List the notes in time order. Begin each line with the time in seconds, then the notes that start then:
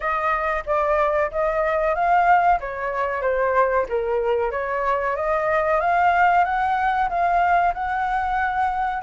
0.00 D#5
0.66 D5
1.31 D#5
1.94 F5
2.60 C#5
3.21 C5
3.89 A#4
4.51 C#5
5.16 D#5
5.80 F5
6.44 F#5
7.09 F5
7.74 F#5